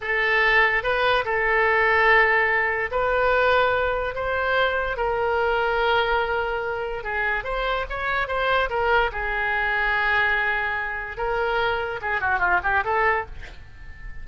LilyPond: \new Staff \with { instrumentName = "oboe" } { \time 4/4 \tempo 4 = 145 a'2 b'4 a'4~ | a'2. b'4~ | b'2 c''2 | ais'1~ |
ais'4 gis'4 c''4 cis''4 | c''4 ais'4 gis'2~ | gis'2. ais'4~ | ais'4 gis'8 fis'8 f'8 g'8 a'4 | }